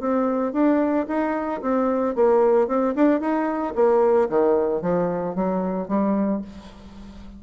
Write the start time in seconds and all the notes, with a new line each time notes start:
0.00 C4
0.53 D4
1.07 D#4
1.62 C4
2.15 A#3
2.68 C4
2.95 D4
3.20 D#4
3.75 A#3
4.29 D#3
4.82 F3
5.35 F#3
5.88 G3